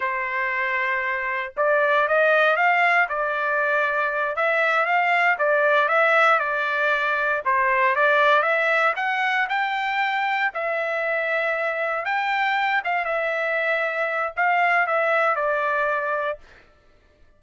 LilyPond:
\new Staff \with { instrumentName = "trumpet" } { \time 4/4 \tempo 4 = 117 c''2. d''4 | dis''4 f''4 d''2~ | d''8 e''4 f''4 d''4 e''8~ | e''8 d''2 c''4 d''8~ |
d''8 e''4 fis''4 g''4.~ | g''8 e''2. g''8~ | g''4 f''8 e''2~ e''8 | f''4 e''4 d''2 | }